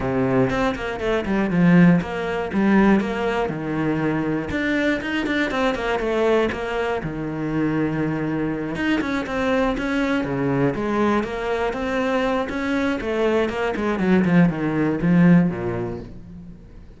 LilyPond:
\new Staff \with { instrumentName = "cello" } { \time 4/4 \tempo 4 = 120 c4 c'8 ais8 a8 g8 f4 | ais4 g4 ais4 dis4~ | dis4 d'4 dis'8 d'8 c'8 ais8 | a4 ais4 dis2~ |
dis4. dis'8 cis'8 c'4 cis'8~ | cis'8 cis4 gis4 ais4 c'8~ | c'4 cis'4 a4 ais8 gis8 | fis8 f8 dis4 f4 ais,4 | }